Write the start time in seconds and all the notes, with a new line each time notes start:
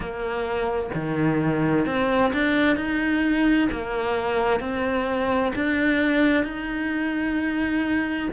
0.00 A#3
0.94 D#3
1.86 C4
2.33 D4
2.76 D#4
3.71 A#3
4.59 C4
5.55 D4
6.44 D#4